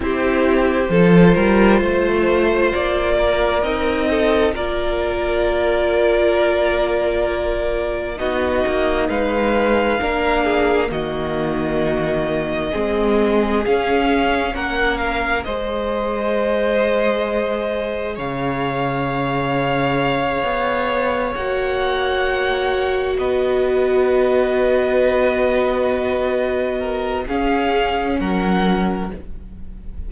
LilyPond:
<<
  \new Staff \with { instrumentName = "violin" } { \time 4/4 \tempo 4 = 66 c''2. d''4 | dis''4 d''2.~ | d''4 dis''4 f''2 | dis''2. f''4 |
fis''8 f''8 dis''2. | f''2.~ f''8 fis''8~ | fis''4. dis''2~ dis''8~ | dis''2 f''4 fis''4 | }
  \new Staff \with { instrumentName = "violin" } { \time 4/4 g'4 a'8 ais'8 c''4. ais'8~ | ais'8 a'8 ais'2.~ | ais'4 fis'4 b'4 ais'8 gis'8 | fis'2 gis'2 |
ais'4 c''2. | cis''1~ | cis''4. b'2~ b'8~ | b'4. ais'8 gis'4 ais'4 | }
  \new Staff \with { instrumentName = "viola" } { \time 4/4 e'4 f'2. | dis'4 f'2.~ | f'4 dis'2 d'4 | ais2 c'4 cis'4~ |
cis'4 gis'2.~ | gis'2.~ gis'8 fis'8~ | fis'1~ | fis'2 cis'2 | }
  \new Staff \with { instrumentName = "cello" } { \time 4/4 c'4 f8 g8 a4 ais4 | c'4 ais2.~ | ais4 b8 ais8 gis4 ais4 | dis2 gis4 cis'4 |
ais4 gis2. | cis2~ cis8 b4 ais8~ | ais4. b2~ b8~ | b2 cis'4 fis4 | }
>>